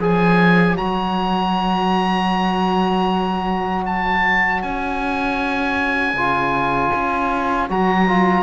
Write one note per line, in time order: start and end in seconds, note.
0.00 0.77 F3
0.00 0.77 G#4
0.00 8.43 C#5
0.00 0.78 G#5
0.77 4.64 F#3
0.77 6.16 F#4
0.77 3.85 A#5
3.86 4.62 A5
4.62 6.14 C#4
4.62 7.70 G#5
6.14 6.91 C#3
6.14 7.70 F4
6.96 7.70 C#4
7.70 8.43 F#3
7.70 8.08 F#4
7.70 8.43 A#5
8.08 8.43 F4